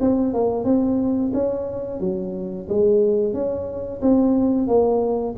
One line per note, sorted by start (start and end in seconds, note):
0.00 0.33 C4
0.33 0.64 A#3
0.64 1.31 C4
1.33 2.00 C#4
2.00 2.67 F#3
2.68 3.33 G#3
3.33 4.01 C#4
4.01 4.67 C4
4.67 5.35 A#3